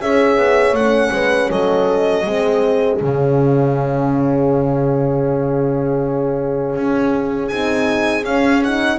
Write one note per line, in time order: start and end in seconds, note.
0.00 0.37 C#4
0.00 0.76 G#4
0.00 1.14 C#5
0.00 0.75 E5
0.37 0.72 B3
0.72 1.10 A3
0.72 2.26 C#4
0.72 1.50 F#5
1.11 1.49 G#3
1.11 1.51 B4
1.51 2.26 F#3
1.51 2.26 A4
1.51 3.00 D#5
2.26 3.01 G#3
2.26 2.99 C4
2.26 8.98 G#4
2.99 6.76 C#3
2.99 7.49 C#4
2.99 7.48 F5
6.76 7.51 C#4
7.48 8.25 C4
7.48 8.22 D#4
7.48 8.23 G#5
8.22 8.60 C#4
8.22 8.98 C#4
8.22 8.62 F5
8.64 8.98 D#4
8.64 8.98 F#5